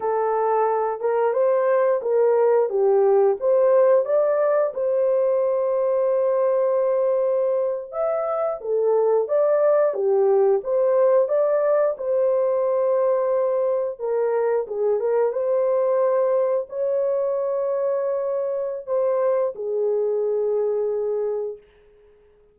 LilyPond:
\new Staff \with { instrumentName = "horn" } { \time 4/4 \tempo 4 = 89 a'4. ais'8 c''4 ais'4 | g'4 c''4 d''4 c''4~ | c''2.~ c''8. e''16~ | e''8. a'4 d''4 g'4 c''16~ |
c''8. d''4 c''2~ c''16~ | c''8. ais'4 gis'8 ais'8 c''4~ c''16~ | c''8. cis''2.~ cis''16 | c''4 gis'2. | }